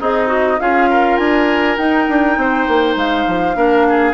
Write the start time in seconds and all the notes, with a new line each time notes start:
0.00 C4 D#4 G#4 D#5
0.27 F#4
0.60 C#4 F4 G#4 F5
0.90 A#4
1.17 D4 G#5
1.77 D#4 G5
2.08 D4
2.37 C4 C5
2.68 A#3
2.96 G#3 F5
3.27 F3
3.55 A#3 D4 A#4
3.89 G#4